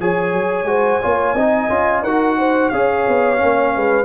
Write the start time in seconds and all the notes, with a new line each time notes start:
0.00 F3 G#4 C#5 G#5
0.33 F#3
0.64 G#3 F#4 C5
1.02 A#3 F4 C#5
1.34 C4 D#4 D#5
1.69 C#4 F4
2.03 D#4 F#4 A#4 F#5
2.38 C5
2.69 C#4 G#4 C#5 F5
3.08 B3
3.37 A#3 C#4
3.75 G#3 B4